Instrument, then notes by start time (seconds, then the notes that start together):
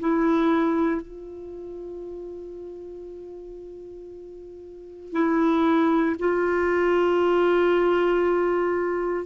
clarinet
0.00 E4
1.02 F4
5.12 E4
6.19 F4